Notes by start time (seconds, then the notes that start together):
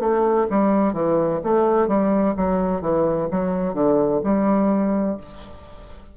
0.00 A3
0.50 G3
0.93 E3
1.44 A3
1.87 G3
2.37 F#3
2.81 E3
3.31 F#3
3.74 D3
4.24 G3